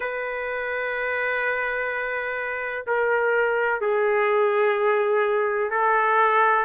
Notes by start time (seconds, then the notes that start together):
0.00 B4
2.86 A#4
3.81 G#4
5.70 A4